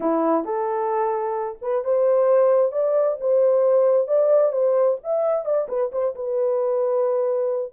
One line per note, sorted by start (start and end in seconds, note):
0.00 0.44 E4
0.44 1.58 A4
1.61 1.84 B4
1.84 2.71 C5
2.71 3.17 D5
3.20 4.07 C5
4.07 4.52 D5
4.52 4.98 C5
5.03 5.45 E5
5.45 5.67 D5
5.68 5.91 B4
5.92 6.14 C5
6.15 7.72 B4